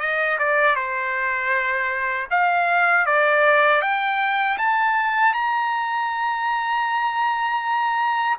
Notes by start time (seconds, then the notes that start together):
0.00 D#5
0.39 D5
0.76 C5
2.31 F5
3.07 D5
3.82 G5
4.58 A5
5.34 A#5